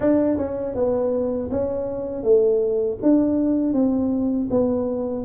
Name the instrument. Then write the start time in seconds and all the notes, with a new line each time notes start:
tuba
0.00 D4
0.37 C#4
0.75 B3
1.50 C#4
2.23 A3
3.02 D4
3.73 C4
4.50 B3